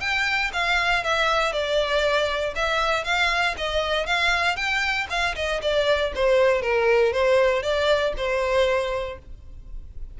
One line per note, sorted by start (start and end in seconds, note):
0.00 0.51 G5
0.53 1.03 F5
1.03 1.52 E5
1.52 2.54 D5
2.55 3.04 E5
3.04 3.55 F5
3.57 4.06 D#5
4.06 4.56 F5
4.56 5.07 G5
5.09 5.35 F5
5.35 5.61 D#5
5.61 6.12 D5
6.15 6.61 C5
6.61 7.12 A#4
7.12 7.62 C5
7.62 8.13 D5
8.17 9.18 C5